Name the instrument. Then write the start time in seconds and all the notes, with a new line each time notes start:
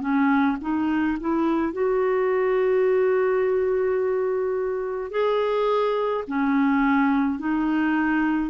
clarinet
0.00 C#4
0.61 D#4
1.20 E4
1.72 F#4
5.10 G#4
6.27 C#4
7.39 D#4